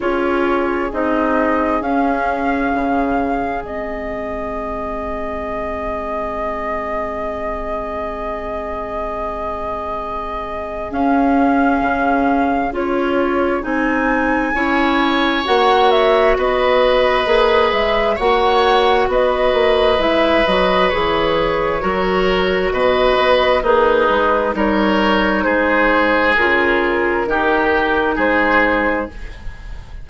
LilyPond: <<
  \new Staff \with { instrumentName = "flute" } { \time 4/4 \tempo 4 = 66 cis''4 dis''4 f''2 | dis''1~ | dis''1 | f''2 cis''4 gis''4~ |
gis''4 fis''8 e''8 dis''4. e''8 | fis''4 dis''4 e''8 dis''8 cis''4~ | cis''4 dis''4 b'4 cis''4 | c''4 ais'2 c''4 | }
  \new Staff \with { instrumentName = "oboe" } { \time 4/4 gis'1~ | gis'1~ | gis'1~ | gis'1 |
cis''2 b'2 | cis''4 b'2. | ais'4 b'4 dis'4 ais'4 | gis'2 g'4 gis'4 | }
  \new Staff \with { instrumentName = "clarinet" } { \time 4/4 f'4 dis'4 cis'2 | c'1~ | c'1 | cis'2 f'4 dis'4 |
e'4 fis'2 gis'4 | fis'2 e'8 fis'8 gis'4 | fis'2 gis'4 dis'4~ | dis'4 f'4 dis'2 | }
  \new Staff \with { instrumentName = "bassoon" } { \time 4/4 cis'4 c'4 cis'4 cis4 | gis1~ | gis1 | cis'4 cis4 cis'4 c'4 |
cis'4 ais4 b4 ais8 gis8 | ais4 b8 ais8 gis8 fis8 e4 | fis4 b,8 b8 ais8 gis8 g4 | gis4 cis4 dis4 gis4 | }
>>